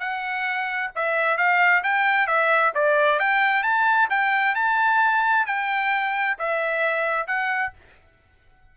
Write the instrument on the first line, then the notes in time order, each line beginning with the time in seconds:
trumpet
0.00 F#5
0.96 E5
1.37 F5
1.83 G5
2.27 E5
2.75 D5
3.20 G5
3.63 A5
4.10 G5
4.55 A5
5.46 G5
6.39 E5
7.27 F#5